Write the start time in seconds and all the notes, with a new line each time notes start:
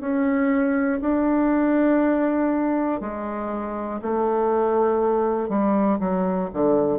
0.00 C#4
1.01 D4
3.00 G#3
4.02 A3
5.49 G3
5.99 F#3
6.53 D3